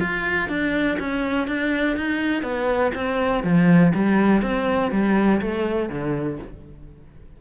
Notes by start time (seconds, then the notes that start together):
0.00 F4
0.49 D4
0.99 C#4
1.48 D4
1.96 D#4
2.42 B3
2.95 C4
3.43 F3
3.95 G3
4.42 C4
4.92 G3
5.41 A3
5.89 D3